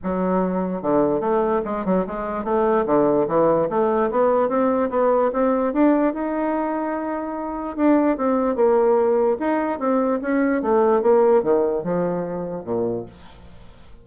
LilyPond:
\new Staff \with { instrumentName = "bassoon" } { \time 4/4 \tempo 4 = 147 fis2 d4 a4 | gis8 fis8 gis4 a4 d4 | e4 a4 b4 c'4 | b4 c'4 d'4 dis'4~ |
dis'2. d'4 | c'4 ais2 dis'4 | c'4 cis'4 a4 ais4 | dis4 f2 ais,4 | }